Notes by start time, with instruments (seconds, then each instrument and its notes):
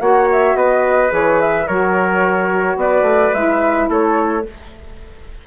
0.00 bassoon A#3, saxophone F#4, trumpet C#5, flute F#5
0.32 flute E5
0.55 bassoon B3, trumpet B4, flute D#5
1.10 bassoon E3, saxophone G#4, flute C#5
1.41 flute E5
1.68 bassoon F#3, saxophone F#4, trumpet A#4, flute C#5
2.77 bassoon B3, trumpet B4, flute D5
3.02 bassoon A3
3.34 bassoon G#3, saxophone E4, flute E5
3.90 bassoon A3, trumpet A4, flute C#5